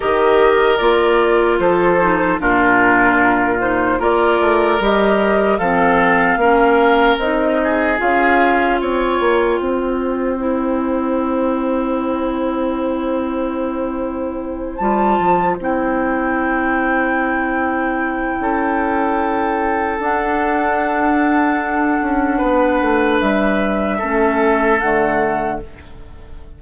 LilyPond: <<
  \new Staff \with { instrumentName = "flute" } { \time 4/4 \tempo 4 = 75 dis''4 d''4 c''4 ais'4~ | ais'8 c''8 d''4 dis''4 f''4~ | f''4 dis''4 f''4 g''4~ | g''1~ |
g''2~ g''8 a''4 g''8~ | g''1~ | g''4 fis''2.~ | fis''4 e''2 fis''4 | }
  \new Staff \with { instrumentName = "oboe" } { \time 4/4 ais'2 a'4 f'4~ | f'4 ais'2 a'4 | ais'4. gis'4. cis''4 | c''1~ |
c''1~ | c''2. a'4~ | a'1 | b'2 a'2 | }
  \new Staff \with { instrumentName = "clarinet" } { \time 4/4 g'4 f'4. dis'8 d'4~ | d'8 dis'8 f'4 g'4 c'4 | cis'4 dis'4 f'2~ | f'4 e'2.~ |
e'2~ e'8 f'4 e'8~ | e'1~ | e'4 d'2.~ | d'2 cis'4 a4 | }
  \new Staff \with { instrumentName = "bassoon" } { \time 4/4 dis4 ais4 f4 ais,4~ | ais,4 ais8 a8 g4 f4 | ais4 c'4 cis'4 c'8 ais8 | c'1~ |
c'2~ c'8 g8 f8 c'8~ | c'2. cis'4~ | cis'4 d'2~ d'8 cis'8 | b8 a8 g4 a4 d4 | }
>>